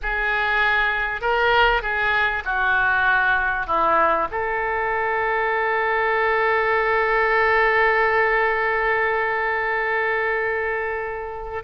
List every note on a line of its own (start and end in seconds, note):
0.02 1.21 G#4
1.21 1.82 A#4
1.82 2.43 G#4
2.44 3.66 F#4
3.66 4.27 E4
4.31 11.63 A4